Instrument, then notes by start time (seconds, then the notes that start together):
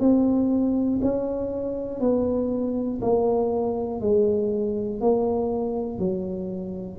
tuba
0.00 C4
1.02 C#4
2.00 B3
3.01 A#3
4.00 G#3
5.00 A#3
5.99 F#3